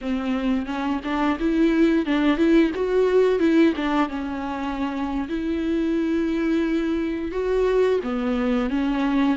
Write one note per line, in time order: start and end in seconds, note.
0.01 0.66 C4
0.66 1.00 C#4
1.04 1.38 D4
1.39 2.05 E4
2.05 2.37 D4
2.37 2.71 E4
2.74 3.39 F#4
3.39 3.73 E4
3.76 4.08 D4
4.08 5.28 C#4
5.28 7.31 E4
7.31 8.00 F#4
8.03 8.70 B3
8.70 9.36 C#4